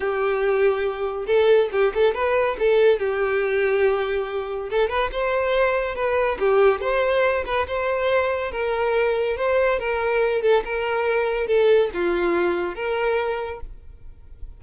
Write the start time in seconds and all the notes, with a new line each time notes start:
0.00 G4
1.26 A4
1.72 G4
1.94 A4
2.14 B4
2.59 A4
2.99 G4
4.70 A4
4.89 B4
5.12 C5
5.95 B4
6.39 G4
6.80 C5
7.45 B4
7.67 C5
8.51 A#4
9.36 C5
9.79 A#4
10.42 A4
10.64 A#4
11.47 A4
11.93 F4
12.75 A#4